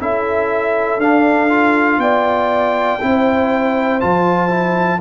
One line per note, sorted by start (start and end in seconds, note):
0.00 0.99 C#4
0.00 1.00 E4
0.00 2.02 A4
0.00 1.01 E5
0.99 1.99 D4
0.99 1.50 D4
0.99 2.00 F5
1.50 3.00 F4
1.99 2.99 B3
1.99 3.02 D5
1.99 4.00 G5
3.01 4.03 C4
3.01 4.01 E4
3.01 5.01 C5
4.01 5.01 F3
4.01 4.50 F4
4.01 5.01 A5
4.50 5.00 E4